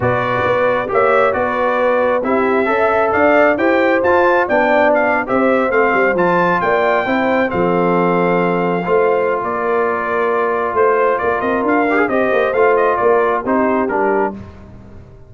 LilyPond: <<
  \new Staff \with { instrumentName = "trumpet" } { \time 4/4 \tempo 4 = 134 d''2 e''4 d''4~ | d''4 e''2 f''4 | g''4 a''4 g''4 f''8. e''16~ | e''8. f''4 a''4 g''4~ g''16~ |
g''8. f''2.~ f''16~ | f''4 d''2. | c''4 d''8 dis''8 f''4 dis''4 | f''8 dis''8 d''4 c''4 ais'4 | }
  \new Staff \with { instrumentName = "horn" } { \time 4/4 b'2 cis''4 b'4~ | b'4 g'4 e''4 d''4 | c''2 d''4.~ d''16 c''16~ | c''2~ c''8. d''4 c''16~ |
c''8. a'2. c''16~ | c''4 ais'2. | c''4 ais'2 c''4~ | c''4 ais'4 g'2 | }
  \new Staff \with { instrumentName = "trombone" } { \time 4/4 fis'2 g'4 fis'4~ | fis'4 e'4 a'2 | g'4 f'4 d'4.~ d'16 g'16~ | g'8. c'4 f'2 e'16~ |
e'8. c'2. f'16~ | f'1~ | f'2~ f'8 g'16 gis'16 g'4 | f'2 dis'4 d'4 | }
  \new Staff \with { instrumentName = "tuba" } { \time 4/4 b,4 b4 ais4 b4~ | b4 c'4 cis'4 d'4 | e'4 f'4 b4.~ b16 c'16~ | c'8. a8 g8 f4 ais4 c'16~ |
c'8. f2. a16~ | a4 ais2. | a4 ais8 c'8 d'4 c'8 ais8 | a4 ais4 c'4 g4 | }
>>